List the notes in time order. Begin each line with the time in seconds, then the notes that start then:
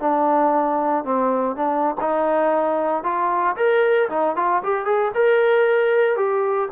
0.00 D4
1.05 C4
1.56 D4
2.01 D#4
3.04 F4
3.56 A#4
4.10 D#4
4.36 F4
4.63 G4
4.86 G#4
5.14 A#4
6.17 G4